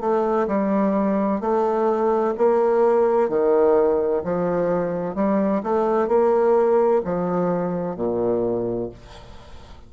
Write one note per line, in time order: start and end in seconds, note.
0.00 0.47 A3
0.47 1.40 G3
1.40 2.34 A3
2.37 3.29 A#3
3.29 4.22 D#3
4.24 5.15 F3
5.15 5.62 G3
5.63 6.08 A3
6.08 7.01 A#3
7.04 7.96 F3
7.96 8.89 A#2